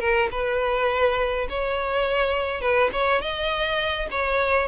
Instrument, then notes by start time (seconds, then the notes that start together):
violin
0.00 A#4
0.32 B4
1.50 C#5
2.61 B4
2.93 C#5
3.21 D#5
4.11 C#5